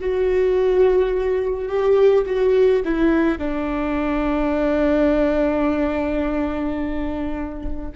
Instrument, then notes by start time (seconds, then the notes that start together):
viola
0.00 F#4
1.68 G4
2.26 F#4
2.84 E4
3.38 D4